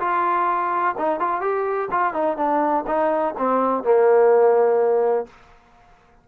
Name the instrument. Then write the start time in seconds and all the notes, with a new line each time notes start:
trombone
0.00 F4
0.98 D#4
1.20 F4
1.41 G4
1.91 F4
2.14 D#4
2.37 D4
2.87 D#4
3.38 C4
3.84 A#3